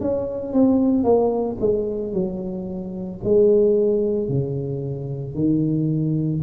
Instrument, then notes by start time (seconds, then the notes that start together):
tuba
0.00 C#4
0.53 C4
1.03 A#3
1.60 G#3
2.13 F#3
3.24 G#3
4.29 C#3
5.34 D#3